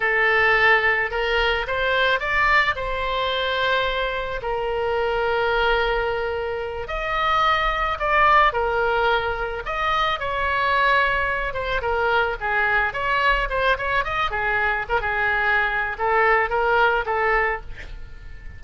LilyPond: \new Staff \with { instrumentName = "oboe" } { \time 4/4 \tempo 4 = 109 a'2 ais'4 c''4 | d''4 c''2. | ais'1~ | ais'8 dis''2 d''4 ais'8~ |
ais'4. dis''4 cis''4.~ | cis''4 c''8 ais'4 gis'4 cis''8~ | cis''8 c''8 cis''8 dis''8 gis'4 ais'16 gis'8.~ | gis'4 a'4 ais'4 a'4 | }